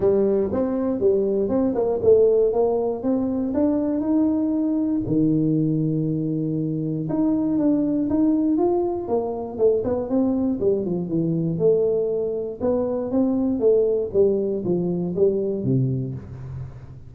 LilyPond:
\new Staff \with { instrumentName = "tuba" } { \time 4/4 \tempo 4 = 119 g4 c'4 g4 c'8 ais8 | a4 ais4 c'4 d'4 | dis'2 dis2~ | dis2 dis'4 d'4 |
dis'4 f'4 ais4 a8 b8 | c'4 g8 f8 e4 a4~ | a4 b4 c'4 a4 | g4 f4 g4 c4 | }